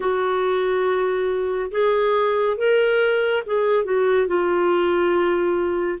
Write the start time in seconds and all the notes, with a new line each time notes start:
0.00 F#4
1.71 G#4
2.57 A#4
3.46 G#4
3.84 F#4
4.27 F4